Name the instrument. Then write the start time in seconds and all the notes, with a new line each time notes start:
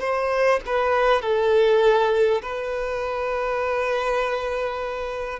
violin
0.00 C5
0.67 B4
1.22 A4
2.42 B4